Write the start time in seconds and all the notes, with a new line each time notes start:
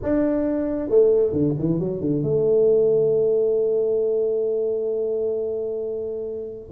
0.02 D4
0.89 A3
1.32 D3
1.58 E3
1.79 F#3
2.00 D3
2.22 A3